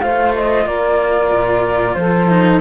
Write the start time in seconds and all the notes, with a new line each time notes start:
0.00 A3 F4 C5 F5
0.34 D#5
0.65 A#3 A#4 D5
1.32 A#2
1.94 F3 A4 C5
2.29 D#4